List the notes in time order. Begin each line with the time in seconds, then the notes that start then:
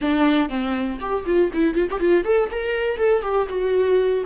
0.01 D4
0.49 C4
1.00 G4
1.26 F4
1.52 E4
1.75 F4
1.90 G4
1.99 F4
2.24 A4
2.50 A#4
2.97 A4
3.22 G4
3.49 F#4